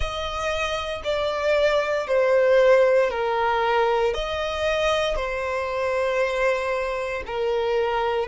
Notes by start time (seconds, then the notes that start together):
0.00 D#5
1.03 D5
2.07 C5
3.10 A#4
4.14 D#5
5.16 C5
7.26 A#4